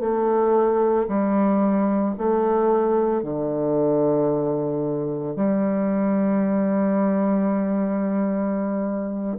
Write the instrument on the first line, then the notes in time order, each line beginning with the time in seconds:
bassoon
0.00 A3
1.08 G3
2.18 A3
3.23 D3
5.36 G3